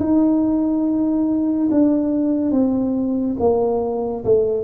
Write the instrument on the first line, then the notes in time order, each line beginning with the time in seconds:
tuba
0.00 D#4
1.71 D4
2.52 C4
3.40 A#3
4.25 A3